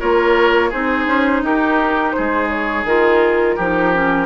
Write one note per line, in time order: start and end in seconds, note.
0.00 0.73 A#3
0.00 0.72 F4
0.00 0.70 A#4
0.00 0.71 C#5
0.70 1.07 C4
0.70 2.87 D#4
0.70 1.41 G#4
0.70 1.44 C5
1.07 1.43 C#4
1.43 2.14 D#4
1.43 2.16 G4
1.43 2.12 A#4
2.12 3.56 G#4
2.12 2.48 C5
2.19 2.85 G#3
2.49 2.85 C#5
2.85 3.56 D#3
2.85 3.59 F4
2.85 4.27 A#4
3.56 4.27 F3
3.56 3.94 D#4
3.56 4.27 G4
3.94 4.27 C#4